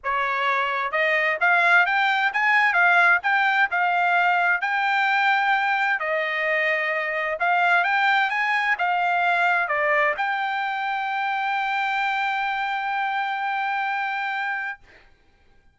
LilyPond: \new Staff \with { instrumentName = "trumpet" } { \time 4/4 \tempo 4 = 130 cis''2 dis''4 f''4 | g''4 gis''4 f''4 g''4 | f''2 g''2~ | g''4 dis''2. |
f''4 g''4 gis''4 f''4~ | f''4 d''4 g''2~ | g''1~ | g''1 | }